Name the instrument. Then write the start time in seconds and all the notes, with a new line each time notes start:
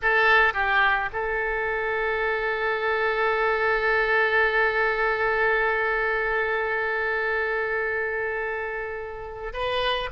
oboe
0.02 A4
0.53 G4
1.12 A4
9.53 B4